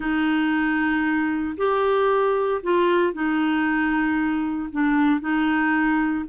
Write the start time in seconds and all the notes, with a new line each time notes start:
0.00 D#4
1.57 G4
2.62 F4
3.13 D#4
4.72 D4
5.20 D#4